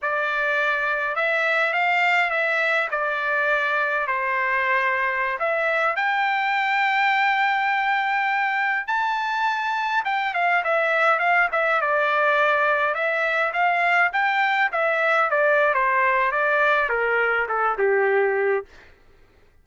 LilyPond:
\new Staff \with { instrumentName = "trumpet" } { \time 4/4 \tempo 4 = 103 d''2 e''4 f''4 | e''4 d''2 c''4~ | c''4~ c''16 e''4 g''4.~ g''16~ | g''2.~ g''16 a''8.~ |
a''4~ a''16 g''8 f''8 e''4 f''8 e''16~ | e''16 d''2 e''4 f''8.~ | f''16 g''4 e''4 d''8. c''4 | d''4 ais'4 a'8 g'4. | }